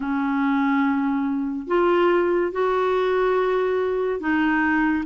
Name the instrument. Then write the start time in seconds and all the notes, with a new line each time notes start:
clarinet
0.00 C#4
1.67 F4
2.52 F#4
4.19 D#4